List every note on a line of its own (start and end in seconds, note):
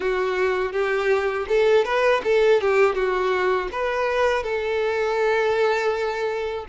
0.00 0.72 F#4
0.72 1.46 G4
1.48 1.84 A4
1.84 2.21 B4
2.24 2.61 A4
2.61 2.95 G4
2.95 3.68 F#4
3.72 4.43 B4
4.43 6.65 A4